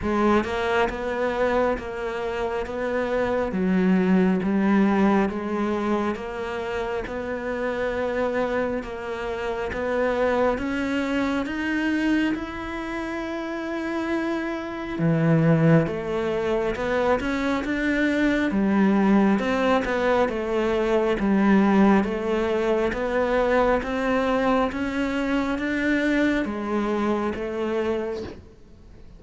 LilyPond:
\new Staff \with { instrumentName = "cello" } { \time 4/4 \tempo 4 = 68 gis8 ais8 b4 ais4 b4 | fis4 g4 gis4 ais4 | b2 ais4 b4 | cis'4 dis'4 e'2~ |
e'4 e4 a4 b8 cis'8 | d'4 g4 c'8 b8 a4 | g4 a4 b4 c'4 | cis'4 d'4 gis4 a4 | }